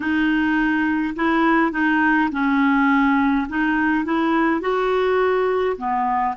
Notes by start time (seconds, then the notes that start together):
0.00 D#4
1.15 E4
1.72 D#4
2.31 C#4
3.48 D#4
4.04 E4
4.60 F#4
5.77 B3